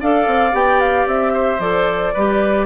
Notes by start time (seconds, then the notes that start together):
0.00 D4 A4 D5 F5
0.26 C4
0.52 B3 G4 G5
0.80 F5
1.06 C4 E5
1.33 C5
1.59 F3 A4 D5
2.13 G3 G4 B4